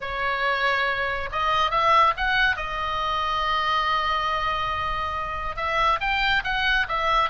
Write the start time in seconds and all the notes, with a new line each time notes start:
0.01 C#5
1.32 D#5
1.70 E5
2.16 F#5
2.56 D#5
5.56 E5
6.00 G5
6.44 F#5
6.88 E5